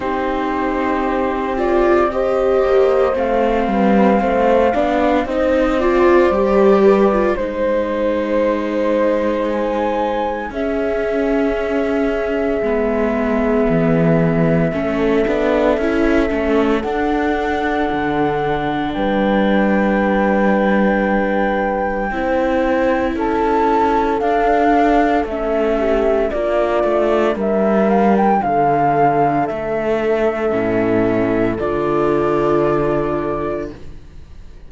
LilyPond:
<<
  \new Staff \with { instrumentName = "flute" } { \time 4/4 \tempo 4 = 57 c''4. d''8 dis''4 f''4~ | f''4 dis''8 d''4. c''4~ | c''4 gis''4 e''2~ | e''1 |
fis''2 g''2~ | g''2 a''4 f''4 | e''4 d''4 e''8 f''16 g''16 f''4 | e''2 d''2 | }
  \new Staff \with { instrumentName = "horn" } { \time 4/4 g'2 c''4. b'8 | c''8 d''8 c''4. b'8 c''4~ | c''2 gis'2~ | gis'2 a'2~ |
a'2 b'2~ | b'4 c''4 a'2~ | a'8 g'8 f'4 ais'4 a'4~ | a'1 | }
  \new Staff \with { instrumentName = "viola" } { \time 4/4 dis'4. f'8 g'4 c'4~ | c'8 d'8 dis'8 f'8 g'8. f'16 dis'4~ | dis'2 cis'2 | b2 cis'8 d'8 e'8 cis'8 |
d'1~ | d'4 e'2 d'4 | cis'4 d'2.~ | d'4 cis'4 f'2 | }
  \new Staff \with { instrumentName = "cello" } { \time 4/4 c'2~ c'8 ais8 a8 g8 | a8 b8 c'4 g4 gis4~ | gis2 cis'2 | gis4 e4 a8 b8 cis'8 a8 |
d'4 d4 g2~ | g4 c'4 cis'4 d'4 | a4 ais8 a8 g4 d4 | a4 a,4 d2 | }
>>